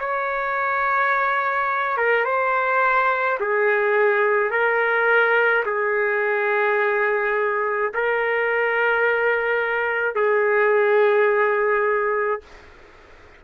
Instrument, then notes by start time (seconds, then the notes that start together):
trumpet
0.00 C#5
1.98 A#4
2.25 C5
3.40 G#4
4.51 A#4
5.66 G#4
7.95 A#4
10.16 G#4